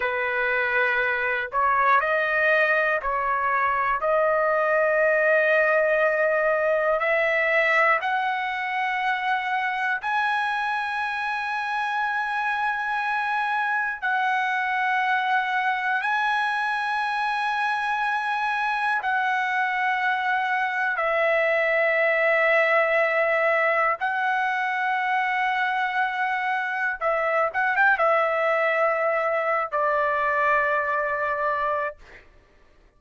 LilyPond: \new Staff \with { instrumentName = "trumpet" } { \time 4/4 \tempo 4 = 60 b'4. cis''8 dis''4 cis''4 | dis''2. e''4 | fis''2 gis''2~ | gis''2 fis''2 |
gis''2. fis''4~ | fis''4 e''2. | fis''2. e''8 fis''16 g''16 | e''4.~ e''16 d''2~ d''16 | }